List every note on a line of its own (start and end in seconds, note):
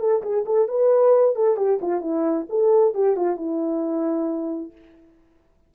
0.00 0.23 A4
0.23 0.45 G#4
0.46 0.69 A4
0.69 1.36 B4
1.36 1.57 A4
1.57 1.80 G4
1.82 2.02 F4
2.02 2.47 E4
2.50 2.95 A4
2.95 3.17 G4
3.17 3.37 F4
3.37 4.72 E4